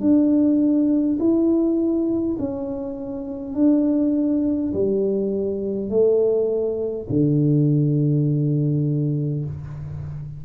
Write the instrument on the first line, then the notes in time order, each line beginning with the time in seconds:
tuba
0.00 D4
1.19 E4
2.39 C#4
3.55 D4
4.73 G3
5.89 A3
7.09 D3